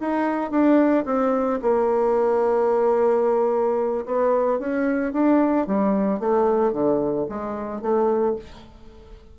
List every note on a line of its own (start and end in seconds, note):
0.00 0.51 D#4
0.51 1.05 D4
1.05 1.59 C4
1.62 4.05 A#3
4.06 4.59 B3
4.59 5.13 C#4
5.13 5.67 D4
5.67 6.20 G3
6.20 6.72 A3
6.72 7.27 D3
7.29 7.82 G#3
7.82 8.36 A3